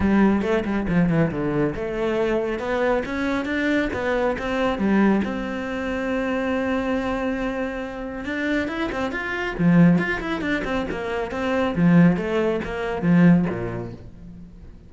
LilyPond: \new Staff \with { instrumentName = "cello" } { \time 4/4 \tempo 4 = 138 g4 a8 g8 f8 e8 d4 | a2 b4 cis'4 | d'4 b4 c'4 g4 | c'1~ |
c'2. d'4 | e'8 c'8 f'4 f4 f'8 e'8 | d'8 c'8 ais4 c'4 f4 | a4 ais4 f4 ais,4 | }